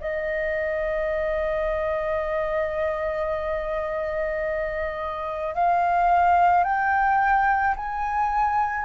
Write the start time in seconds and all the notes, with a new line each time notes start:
0.00 D#5
5.54 F5
6.64 G5
7.76 G#5